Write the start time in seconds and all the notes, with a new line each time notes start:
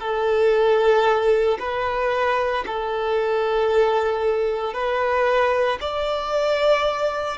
0.00 A4
1.59 B4
2.67 A4
4.74 B4
5.81 D5